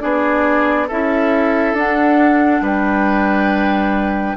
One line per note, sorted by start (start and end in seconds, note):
0.00 0.90 B3
0.00 0.87 D4
0.00 0.87 G#4
0.00 0.87 D5
0.87 1.73 C#4
0.87 1.76 E4
0.87 2.61 A4
0.87 1.76 E5
1.73 2.60 D4
1.73 4.37 D4
1.73 2.64 F#5
2.61 4.35 G3
2.61 4.36 B4
2.61 4.37 G5